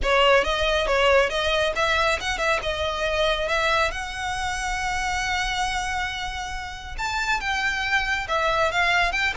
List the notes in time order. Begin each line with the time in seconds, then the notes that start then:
0.03 C#5
0.44 D#5
0.87 C#5
1.29 D#5
1.75 E5
2.20 F#5
2.38 E5
2.62 D#5
3.48 E5
3.91 F#5
6.98 A5
7.40 G5
8.28 E5
8.71 F5
9.11 G5